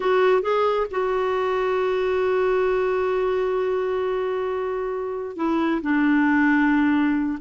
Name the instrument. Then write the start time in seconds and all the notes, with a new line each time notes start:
clarinet
0.00 F#4
0.42 G#4
0.91 F#4
5.36 E4
5.82 D4